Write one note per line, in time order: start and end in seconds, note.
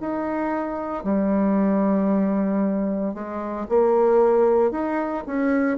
0.00 1.04 D#4
1.04 3.14 G3
3.14 3.67 G#3
3.69 4.71 A#3
4.71 5.24 D#4
5.27 5.78 C#4